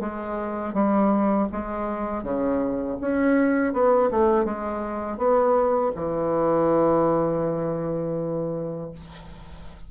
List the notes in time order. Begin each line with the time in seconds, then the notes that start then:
0.00 G#3
0.74 G3
1.52 G#3
2.23 C#3
3.00 C#4
3.73 B3
4.11 A3
4.44 G#3
5.17 B3
5.95 E3